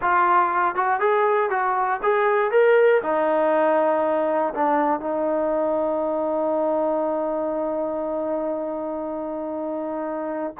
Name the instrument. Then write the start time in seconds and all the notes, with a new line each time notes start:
trombone
0.01 F4
0.75 F#4
1.00 G#4
1.50 F#4
2.02 G#4
2.51 A#4
3.02 D#4
4.54 D4
5.00 D#4